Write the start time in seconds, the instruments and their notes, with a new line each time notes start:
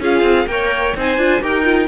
0.00 cello C#4, viola F4, violin G#4 F5
0.22 cello C4
0.47 cello A#3, viola A#4, violin C#5 G5
0.97 cello C4, viola D#4, violin C5 G#5
1.18 cello D4, viola F4
1.42 cello D#4, viola G4, violin A#4 G5
1.64 viola F4